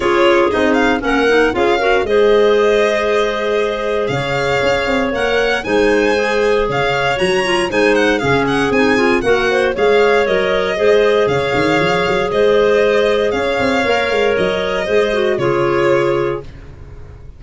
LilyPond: <<
  \new Staff \with { instrumentName = "violin" } { \time 4/4 \tempo 4 = 117 cis''4 dis''8 f''8 fis''4 f''4 | dis''1 | f''2 fis''4 gis''4~ | gis''4 f''4 ais''4 gis''8 fis''8 |
f''8 fis''8 gis''4 fis''4 f''4 | dis''2 f''2 | dis''2 f''2 | dis''2 cis''2 | }
  \new Staff \with { instrumentName = "clarinet" } { \time 4/4 gis'2 ais'4 gis'8 ais'8 | c''1 | cis''2. c''4~ | c''4 cis''2 c''4 |
gis'2 ais'8 c''8 cis''4~ | cis''4 c''4 cis''2 | c''2 cis''2~ | cis''4 c''4 gis'2 | }
  \new Staff \with { instrumentName = "clarinet" } { \time 4/4 f'4 dis'4 cis'8 dis'8 f'8 fis'8 | gis'1~ | gis'2 ais'4 dis'4 | gis'2 fis'8 f'8 dis'4 |
cis'4 dis'8 f'8 fis'4 gis'4 | ais'4 gis'2.~ | gis'2. ais'4~ | ais'4 gis'8 fis'8 f'2 | }
  \new Staff \with { instrumentName = "tuba" } { \time 4/4 cis'4 c'4 ais4 cis'4 | gis1 | cis4 cis'8 c'8 ais4 gis4~ | gis4 cis4 fis4 gis4 |
cis4 c'4 ais4 gis4 | fis4 gis4 cis8 dis8 f8 fis8 | gis2 cis'8 c'8 ais8 gis8 | fis4 gis4 cis2 | }
>>